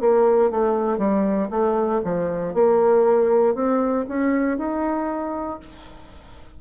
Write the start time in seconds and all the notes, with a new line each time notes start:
0.00 A#3
0.50 A3
0.98 G3
1.50 A3
2.04 F3
2.54 A#3
3.55 C4
4.08 C#4
4.58 D#4